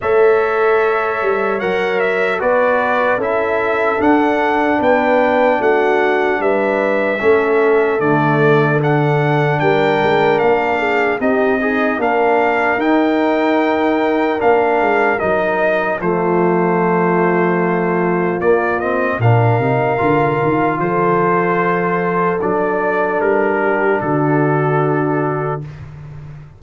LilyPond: <<
  \new Staff \with { instrumentName = "trumpet" } { \time 4/4 \tempo 4 = 75 e''2 fis''8 e''8 d''4 | e''4 fis''4 g''4 fis''4 | e''2 d''4 fis''4 | g''4 f''4 dis''4 f''4 |
g''2 f''4 dis''4 | c''2. d''8 dis''8 | f''2 c''2 | d''4 ais'4 a'2 | }
  \new Staff \with { instrumentName = "horn" } { \time 4/4 cis''2. b'4 | a'2 b'4 fis'4 | b'4 a'2. | ais'4. gis'8 g'8 dis'8 ais'4~ |
ais'1 | f'1 | ais'2 a'2~ | a'4. g'8 fis'2 | }
  \new Staff \with { instrumentName = "trombone" } { \time 4/4 a'2 ais'4 fis'4 | e'4 d'2.~ | d'4 cis'4 a4 d'4~ | d'2 dis'8 gis'8 d'4 |
dis'2 d'4 dis'4 | a2. ais8 c'8 | d'8 dis'8 f'2. | d'1 | }
  \new Staff \with { instrumentName = "tuba" } { \time 4/4 a4. g8 fis4 b4 | cis'4 d'4 b4 a4 | g4 a4 d2 | g8 gis8 ais4 c'4 ais4 |
dis'2 ais8 gis8 fis4 | f2. ais4 | ais,8 c8 d8 dis8 f2 | fis4 g4 d2 | }
>>